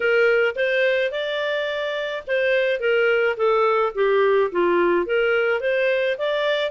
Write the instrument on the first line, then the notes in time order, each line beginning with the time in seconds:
clarinet
0.00 A#4
0.55 C5
1.11 D5
2.27 C5
2.80 A#4
3.36 A4
3.95 G4
4.51 F4
5.06 A#4
5.60 C5
6.18 D5